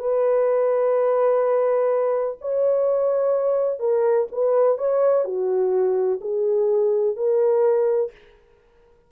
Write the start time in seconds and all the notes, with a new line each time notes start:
0.00 B4
2.42 C#5
3.80 A#4
4.32 B4
4.78 C#5
5.25 F#4
6.22 G#4
7.17 A#4